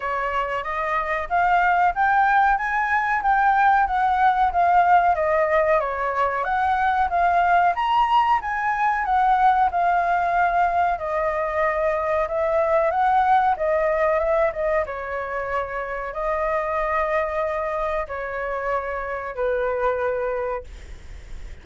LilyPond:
\new Staff \with { instrumentName = "flute" } { \time 4/4 \tempo 4 = 93 cis''4 dis''4 f''4 g''4 | gis''4 g''4 fis''4 f''4 | dis''4 cis''4 fis''4 f''4 | ais''4 gis''4 fis''4 f''4~ |
f''4 dis''2 e''4 | fis''4 dis''4 e''8 dis''8 cis''4~ | cis''4 dis''2. | cis''2 b'2 | }